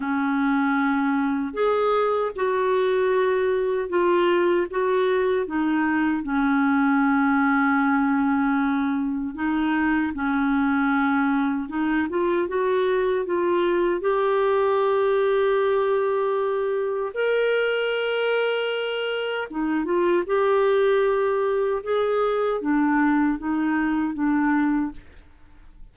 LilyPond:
\new Staff \with { instrumentName = "clarinet" } { \time 4/4 \tempo 4 = 77 cis'2 gis'4 fis'4~ | fis'4 f'4 fis'4 dis'4 | cis'1 | dis'4 cis'2 dis'8 f'8 |
fis'4 f'4 g'2~ | g'2 ais'2~ | ais'4 dis'8 f'8 g'2 | gis'4 d'4 dis'4 d'4 | }